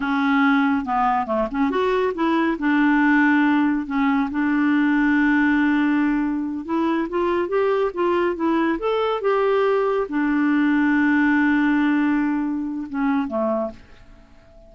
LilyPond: \new Staff \with { instrumentName = "clarinet" } { \time 4/4 \tempo 4 = 140 cis'2 b4 a8 cis'8 | fis'4 e'4 d'2~ | d'4 cis'4 d'2~ | d'2.~ d'8 e'8~ |
e'8 f'4 g'4 f'4 e'8~ | e'8 a'4 g'2 d'8~ | d'1~ | d'2 cis'4 a4 | }